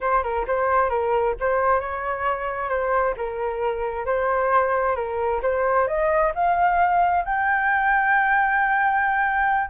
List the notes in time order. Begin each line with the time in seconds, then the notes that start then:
0.01 C5
0.23 A#4
0.47 C5
0.89 A#4
1.39 C5
1.79 C#5
2.69 C5
3.16 A#4
4.05 C5
4.95 A#4
5.42 C5
5.87 D#5
6.34 F5
7.24 G5